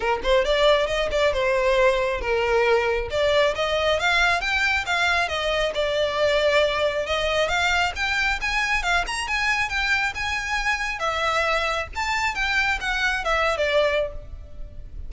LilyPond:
\new Staff \with { instrumentName = "violin" } { \time 4/4 \tempo 4 = 136 ais'8 c''8 d''4 dis''8 d''8 c''4~ | c''4 ais'2 d''4 | dis''4 f''4 g''4 f''4 | dis''4 d''2. |
dis''4 f''4 g''4 gis''4 | f''8 ais''8 gis''4 g''4 gis''4~ | gis''4 e''2 a''4 | g''4 fis''4 e''8. d''4~ d''16 | }